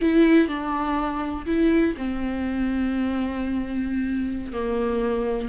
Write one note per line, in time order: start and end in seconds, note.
0.01 0.48 E4
0.48 1.45 D4
1.45 1.94 E4
1.97 4.52 C4
4.52 5.48 A#3